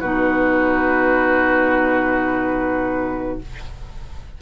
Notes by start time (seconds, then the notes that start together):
0.00 B2 D#4 F#4 B4